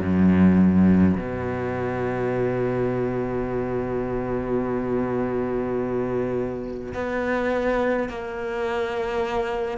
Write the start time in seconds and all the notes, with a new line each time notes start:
0.00 F#2
1.16 B2
6.94 B3
8.09 A#3